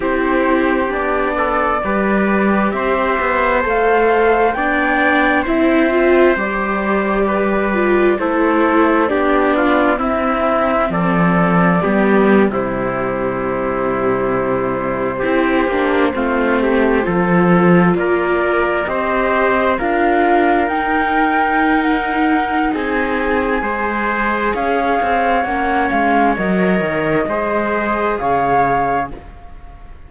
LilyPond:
<<
  \new Staff \with { instrumentName = "flute" } { \time 4/4 \tempo 4 = 66 c''4 d''2 e''4 | f''4 g''4 e''4 d''4~ | d''4 c''4 d''4 e''4 | d''4.~ d''16 c''2~ c''16~ |
c''2.~ c''8. d''16~ | d''8. dis''4 f''4 g''4~ g''16 | fis''4 gis''2 f''4 | fis''8 f''8 dis''2 f''4 | }
  \new Staff \with { instrumentName = "trumpet" } { \time 4/4 g'4. a'8 b'4 c''4~ | c''4 d''4 c''2 | b'4 a'4 g'8 f'8 e'4 | a'4 g'8. e'2~ e'16~ |
e'8. g'4 f'8 g'8 a'4 ais'16~ | ais'8. c''4 ais'2~ ais'16~ | ais'4 gis'4 c''4 cis''4~ | cis''2 c''4 cis''4 | }
  \new Staff \with { instrumentName = "viola" } { \time 4/4 e'4 d'4 g'2 | a'4 d'4 e'8 f'8 g'4~ | g'8 f'8 e'4 d'4 c'4~ | c'4 b8. g2~ g16~ |
g8. e'8 d'8 c'4 f'4~ f'16~ | f'8. g'4 f'4 dis'4~ dis'16~ | dis'2 gis'2 | cis'4 ais'4 gis'2 | }
  \new Staff \with { instrumentName = "cello" } { \time 4/4 c'4 b4 g4 c'8 b8 | a4 b4 c'4 g4~ | g4 a4 b4 c'4 | f4 g8. c2~ c16~ |
c8. c'8 ais8 a4 f4 ais16~ | ais8. c'4 d'4 dis'4~ dis'16~ | dis'4 c'4 gis4 cis'8 c'8 | ais8 gis8 fis8 dis8 gis4 cis4 | }
>>